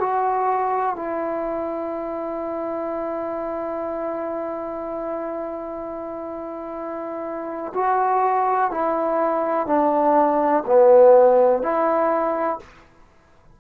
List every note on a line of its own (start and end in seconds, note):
0.00 0.95 F#4
0.95 7.73 E4
7.74 8.71 F#4
8.71 9.66 E4
9.66 10.63 D4
10.66 11.62 B3
11.62 12.59 E4